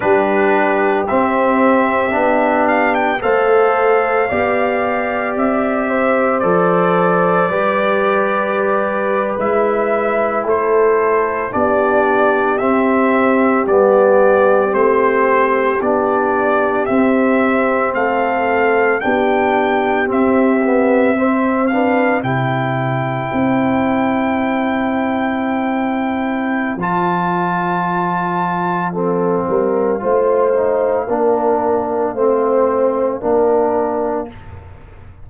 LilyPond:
<<
  \new Staff \with { instrumentName = "trumpet" } { \time 4/4 \tempo 4 = 56 b'4 e''4. f''16 g''16 f''4~ | f''4 e''4 d''2~ | d''8. e''4 c''4 d''4 e''16~ | e''8. d''4 c''4 d''4 e''16~ |
e''8. f''4 g''4 e''4~ e''16~ | e''16 f''8 g''2.~ g''16~ | g''4 a''2 f''4~ | f''1 | }
  \new Staff \with { instrumentName = "horn" } { \time 4/4 g'2. c''4 | d''4. c''4. b'4~ | b'4.~ b'16 a'4 g'4~ g'16~ | g'1~ |
g'8. a'4 g'2 c''16~ | c''16 b'8 c''2.~ c''16~ | c''2. a'8 ais'8 | c''4 ais'4 c''4 ais'4 | }
  \new Staff \with { instrumentName = "trombone" } { \time 4/4 d'4 c'4 d'4 a'4 | g'2 a'4 g'4~ | g'8. e'2 d'4 c'16~ | c'8. b4 c'4 d'4 c'16~ |
c'4.~ c'16 d'4 c'8 b8 c'16~ | c'16 d'8 e'2.~ e'16~ | e'4 f'2 c'4 | f'8 dis'8 d'4 c'4 d'4 | }
  \new Staff \with { instrumentName = "tuba" } { \time 4/4 g4 c'4 b4 a4 | b4 c'4 f4 g4~ | g8. gis4 a4 b4 c'16~ | c'8. g4 a4 b4 c'16~ |
c'8. a4 b4 c'4~ c'16~ | c'8. c4 c'2~ c'16~ | c'4 f2~ f8 g8 | a4 ais4 a4 ais4 | }
>>